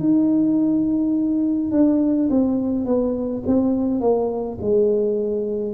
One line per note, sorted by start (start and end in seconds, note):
0.00 1.72 D#4
1.72 2.30 D4
2.30 2.86 C4
2.86 3.44 B3
3.47 4.01 C4
4.01 4.58 A#3
4.62 5.74 G#3